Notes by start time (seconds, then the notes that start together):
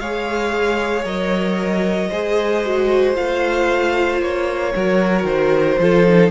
0.00 G#3 G#4 C#5 F5
1.05 F#3 A#4 D#5
2.10 G#3 G#4 C5
2.66 F#4
3.15 A3 F4 F5
4.21 A#3 C#5
4.75 F#3 F#4 A#4
5.24 D#3 C5
5.79 F3 F4 A4
6.08 D#4